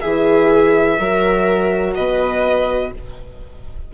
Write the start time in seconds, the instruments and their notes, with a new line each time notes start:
0.00 bassoon E3, horn E4, viola G#4, violin E5
0.98 bassoon F#3, horn F#4, viola A#4
1.95 bassoon B2, viola B4, violin D#5